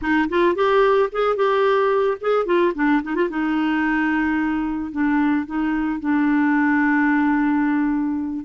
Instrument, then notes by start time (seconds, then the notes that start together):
clarinet
0.01 D#4
0.29 F4
0.55 G4
1.12 G#4
1.35 G4
2.20 G#4
2.45 F4
2.74 D4
3.02 D#4
3.15 F4
3.29 D#4
4.91 D4
5.45 D#4
6.00 D4